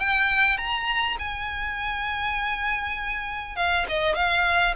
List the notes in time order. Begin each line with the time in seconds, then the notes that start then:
0.00 G5
0.58 A#5
1.19 G#5
3.56 F5
3.88 D#5
4.15 F5